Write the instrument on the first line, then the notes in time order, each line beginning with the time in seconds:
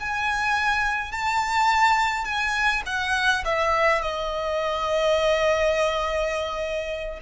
violin
0.00 G#5
1.12 A5
2.24 G#5
2.86 F#5
3.45 E5
4.01 D#5